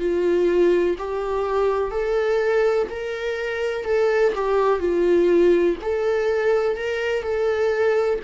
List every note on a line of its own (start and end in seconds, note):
0.00 0.97 F4
0.99 1.91 G4
1.91 2.88 A4
2.90 3.85 A#4
3.85 4.33 A4
4.35 4.79 G4
4.79 5.76 F4
5.82 6.77 A4
6.77 7.23 A#4
7.23 8.20 A4